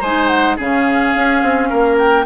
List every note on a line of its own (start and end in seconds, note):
0.00 0.57 G#3
0.00 0.58 D#4
0.00 0.56 C5
0.00 0.27 G#5
0.27 0.55 F#5
0.56 1.14 C#3
0.56 2.25 C#4
0.56 1.68 G#4
0.56 1.98 F5
1.14 1.42 C#4
1.42 1.70 C4
1.70 2.25 A#3
1.70 2.25 A#4
1.98 2.25 G5